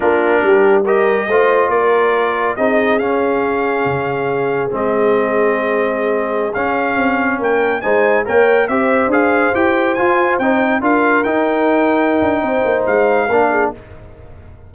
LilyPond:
<<
  \new Staff \with { instrumentName = "trumpet" } { \time 4/4 \tempo 4 = 140 ais'2 dis''2 | d''2 dis''4 f''4~ | f''2. dis''4~ | dis''2.~ dis''16 f''8.~ |
f''4~ f''16 g''4 gis''4 g''8.~ | g''16 e''4 f''4 g''4 gis''8.~ | gis''16 g''4 f''4 g''4.~ g''16~ | g''2 f''2 | }
  \new Staff \with { instrumentName = "horn" } { \time 4/4 f'4 g'4 ais'4 c''4 | ais'2 gis'2~ | gis'1~ | gis'1~ |
gis'4~ gis'16 ais'4 c''4 cis''8.~ | cis''16 c''2.~ c''8.~ | c''4~ c''16 ais'2~ ais'8.~ | ais'4 c''2 ais'8 gis'8 | }
  \new Staff \with { instrumentName = "trombone" } { \time 4/4 d'2 g'4 f'4~ | f'2 dis'4 cis'4~ | cis'2. c'4~ | c'2.~ c'16 cis'8.~ |
cis'2~ cis'16 dis'4 ais'8.~ | ais'16 g'4 gis'4 g'4 f'8.~ | f'16 dis'4 f'4 dis'4.~ dis'16~ | dis'2. d'4 | }
  \new Staff \with { instrumentName = "tuba" } { \time 4/4 ais4 g2 a4 | ais2 c'4 cis'4~ | cis'4 cis2 gis4~ | gis2.~ gis16 cis'8.~ |
cis'16 c'4 ais4 gis4 ais8.~ | ais16 c'4 d'4 e'4 f'8.~ | f'16 c'4 d'4 dis'4.~ dis'16~ | dis'8 d'8 c'8 ais8 gis4 ais4 | }
>>